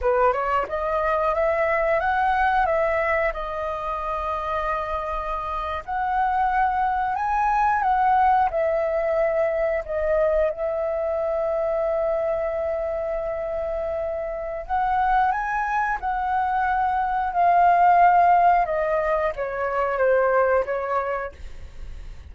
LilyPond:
\new Staff \with { instrumentName = "flute" } { \time 4/4 \tempo 4 = 90 b'8 cis''8 dis''4 e''4 fis''4 | e''4 dis''2.~ | dis''8. fis''2 gis''4 fis''16~ | fis''8. e''2 dis''4 e''16~ |
e''1~ | e''2 fis''4 gis''4 | fis''2 f''2 | dis''4 cis''4 c''4 cis''4 | }